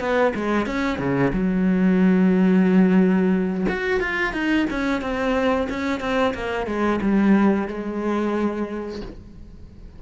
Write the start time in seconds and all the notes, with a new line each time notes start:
0.00 B3
0.36 G#3
0.67 C#4
0.99 C#3
1.33 F#3
3.69 F#4
4.01 F4
4.33 D#4
4.71 C#4
5.02 C4
5.70 C#4
6.01 C4
6.35 A#3
6.67 G#3
7.02 G3
7.68 G#3